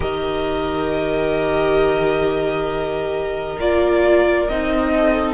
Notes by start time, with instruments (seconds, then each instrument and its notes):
0.00 cello D#3, viola G4, violin A#4 D#5
3.59 cello A#3, viola F4, violin D5
4.48 cello C4, viola D#4, violin D#5
4.92 violin A4